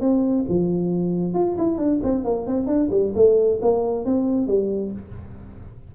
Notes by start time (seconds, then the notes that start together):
0.00 C4
0.48 F3
1.34 F4
1.58 E4
1.78 D4
2.03 C4
2.24 A#3
2.46 C4
2.66 D4
2.91 G3
3.15 A3
3.61 A#3
4.05 C4
4.47 G3